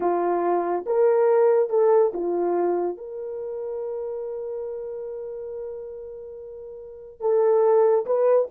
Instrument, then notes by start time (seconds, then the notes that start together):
horn
0.00 F4
0.86 A#4
1.69 A4
2.13 F4
2.97 A#4
7.20 A4
8.06 B4